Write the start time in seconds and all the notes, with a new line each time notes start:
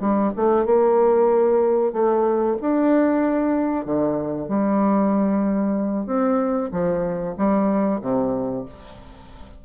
0.00 G3
0.36 A3
0.65 A#3
1.92 A3
2.61 D4
3.85 D3
4.48 G3
6.06 C4
6.72 F3
7.37 G3
8.01 C3